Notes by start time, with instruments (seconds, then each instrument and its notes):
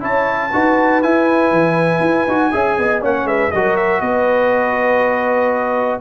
0.00 tuba C#4, trombone E4, horn C#5, trumpet A5
0.52 tuba D#4, trombone F#4, horn B4
1.02 trombone E4, tuba E4, trumpet G#5
1.51 tuba E3
2.00 tuba E4
2.27 tuba D#4, trombone F#4
2.52 tuba C#4, trombone G#4, horn E5
2.78 tuba B3, horn D#5
3.01 tuba A#3, trombone C#4, horn C#5, trumpet F#5
3.24 tuba G#3, horn B4, trumpet E5
3.51 tuba F#3, trombone F#4, horn A#4, trumpet D#5
3.76 trumpet E5
4.01 tuba B3, horn B4, trumpet D#5